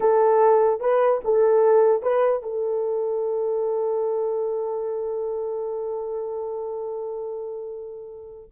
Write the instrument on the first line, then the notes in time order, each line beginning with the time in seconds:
horn
0.00 A4
0.80 B4
1.24 A4
2.02 B4
2.42 A4